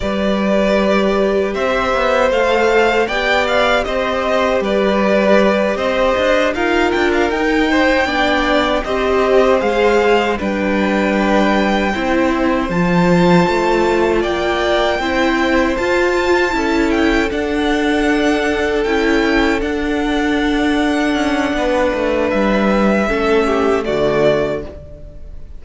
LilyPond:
<<
  \new Staff \with { instrumentName = "violin" } { \time 4/4 \tempo 4 = 78 d''2 e''4 f''4 | g''8 f''8 dis''4 d''4. dis''8~ | dis''8 f''8 g''16 f''16 g''2 dis''8~ | dis''8 f''4 g''2~ g''8~ |
g''8 a''2 g''4.~ | g''8 a''4. g''8 fis''4.~ | fis''8 g''4 fis''2~ fis''8~ | fis''4 e''2 d''4 | }
  \new Staff \with { instrumentName = "violin" } { \time 4/4 b'2 c''2 | d''4 c''4 b'4. c''8~ | c''8 ais'4. c''8 d''4 c''8~ | c''4. b'2 c''8~ |
c''2~ c''8 d''4 c''8~ | c''4. a'2~ a'8~ | a'1 | b'2 a'8 g'8 fis'4 | }
  \new Staff \with { instrumentName = "viola" } { \time 4/4 g'2. a'4 | g'1~ | g'8 f'4 dis'4 d'4 g'8~ | g'8 gis'4 d'2 e'8~ |
e'8 f'2. e'8~ | e'8 f'4 e'4 d'4.~ | d'8 e'4 d'2~ d'8~ | d'2 cis'4 a4 | }
  \new Staff \with { instrumentName = "cello" } { \time 4/4 g2 c'8 b8 a4 | b4 c'4 g4. c'8 | d'8 dis'8 d'8 dis'4 b4 c'8~ | c'8 gis4 g2 c'8~ |
c'8 f4 a4 ais4 c'8~ | c'8 f'4 cis'4 d'4.~ | d'8 cis'4 d'2 cis'8 | b8 a8 g4 a4 d4 | }
>>